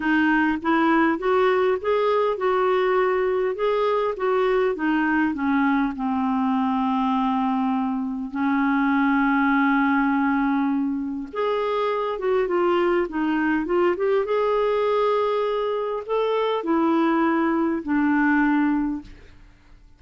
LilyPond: \new Staff \with { instrumentName = "clarinet" } { \time 4/4 \tempo 4 = 101 dis'4 e'4 fis'4 gis'4 | fis'2 gis'4 fis'4 | dis'4 cis'4 c'2~ | c'2 cis'2~ |
cis'2. gis'4~ | gis'8 fis'8 f'4 dis'4 f'8 g'8 | gis'2. a'4 | e'2 d'2 | }